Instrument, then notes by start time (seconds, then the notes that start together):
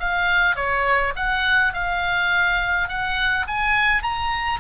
oboe
0.00 F5
0.56 C#5
1.16 F#5
1.74 F5
2.89 F#5
3.48 G#5
4.03 A#5